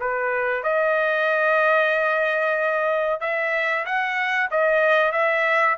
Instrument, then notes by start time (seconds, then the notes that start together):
trumpet
0.00 B4
0.63 D#5
3.21 E5
3.86 F#5
4.51 D#5
5.12 E5